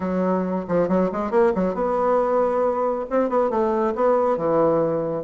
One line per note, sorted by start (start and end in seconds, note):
0.00 0.65 F#3
0.67 0.88 F3
0.88 1.10 F#3
1.11 1.30 G#3
1.30 1.52 A#3
1.54 1.74 F#3
1.74 3.05 B3
3.10 3.29 C4
3.29 3.50 B3
3.50 3.93 A3
3.95 4.37 B3
4.37 5.24 E3